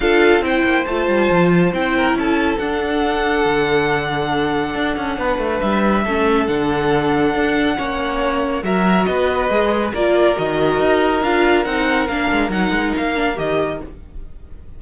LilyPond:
<<
  \new Staff \with { instrumentName = "violin" } { \time 4/4 \tempo 4 = 139 f''4 g''4 a''2 | g''4 a''4 fis''2~ | fis''1~ | fis''4 e''2 fis''4~ |
fis''1 | e''4 dis''2 d''4 | dis''2 f''4 fis''4 | f''4 fis''4 f''4 dis''4 | }
  \new Staff \with { instrumentName = "violin" } { \time 4/4 a'4 c''2.~ | c''8 ais'8 a'2.~ | a'1 | b'2 a'2~ |
a'2 cis''2 | ais'4 b'2 ais'4~ | ais'1~ | ais'1 | }
  \new Staff \with { instrumentName = "viola" } { \time 4/4 f'4 e'4 f'2 | e'2 d'2~ | d'1~ | d'2 cis'4 d'4~ |
d'2 cis'2 | fis'2 gis'4 f'4 | fis'2 f'4 dis'4 | d'4 dis'4. d'8 g'4 | }
  \new Staff \with { instrumentName = "cello" } { \time 4/4 d'4 c'8 ais8 a8 g8 f4 | c'4 cis'4 d'2 | d2. d'8 cis'8 | b8 a8 g4 a4 d4~ |
d4 d'4 ais2 | fis4 b4 gis4 ais4 | dis4 dis'4 d'4 c'4 | ais8 gis8 fis8 gis8 ais4 dis4 | }
>>